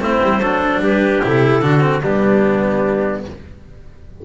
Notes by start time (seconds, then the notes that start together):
0.00 A3 C4 E4 C5
0.23 G3
0.39 F#3 D4 A4
0.80 G3 G4 B4
1.22 C3 E4 A4
1.62 D3 D4 F#4
1.80 C4
2.02 G3 B3 D4 G4